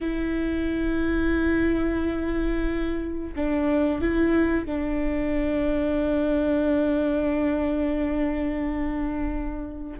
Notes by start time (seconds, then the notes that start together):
0.01 E4
3.36 D4
4.01 E4
4.65 D4